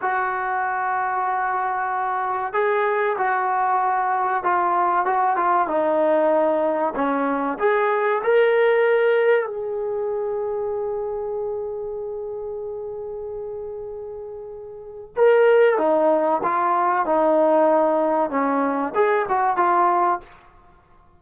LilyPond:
\new Staff \with { instrumentName = "trombone" } { \time 4/4 \tempo 4 = 95 fis'1 | gis'4 fis'2 f'4 | fis'8 f'8 dis'2 cis'4 | gis'4 ais'2 gis'4~ |
gis'1~ | gis'1 | ais'4 dis'4 f'4 dis'4~ | dis'4 cis'4 gis'8 fis'8 f'4 | }